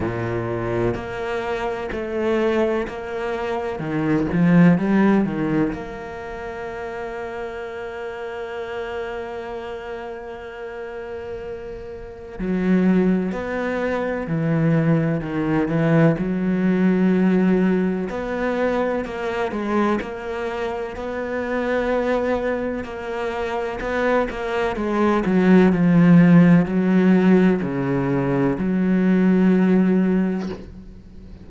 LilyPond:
\new Staff \with { instrumentName = "cello" } { \time 4/4 \tempo 4 = 63 ais,4 ais4 a4 ais4 | dis8 f8 g8 dis8 ais2~ | ais1~ | ais4 fis4 b4 e4 |
dis8 e8 fis2 b4 | ais8 gis8 ais4 b2 | ais4 b8 ais8 gis8 fis8 f4 | fis4 cis4 fis2 | }